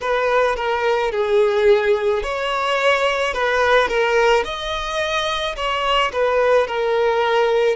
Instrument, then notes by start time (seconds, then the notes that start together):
violin
0.00 B4
0.56 A#4
1.11 G#4
2.22 C#5
3.33 B4
3.88 A#4
4.44 D#5
5.56 C#5
6.12 B4
6.67 A#4